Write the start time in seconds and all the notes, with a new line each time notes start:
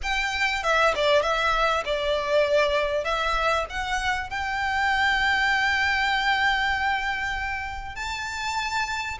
0.03 G5
0.63 E5
0.95 D5
1.22 E5
1.85 D5
3.04 E5
3.69 F#5
4.30 G5
7.95 A5